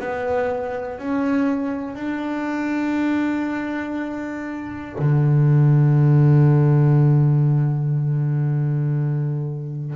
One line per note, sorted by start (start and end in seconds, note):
0.00 0.99 B3
0.99 1.95 C#4
1.95 4.95 D4
4.99 9.96 D3